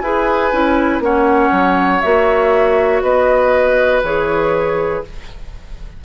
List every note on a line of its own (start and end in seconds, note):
0.00 0.52 E4
0.00 0.52 G#4
0.00 1.03 B4
0.00 1.00 G#5
0.52 1.00 C#4
0.52 1.02 E4
1.00 1.50 A#3
1.00 2.02 C#4
1.00 3.03 C#5
1.00 2.01 F#5
1.51 2.01 F#3
2.01 3.02 A#3
2.01 4.03 F#4
2.01 3.01 E5
3.02 4.02 B3
3.02 5.03 B4
3.02 4.02 D#5
4.03 5.03 E3
4.03 5.04 G#4
4.03 5.04 C#5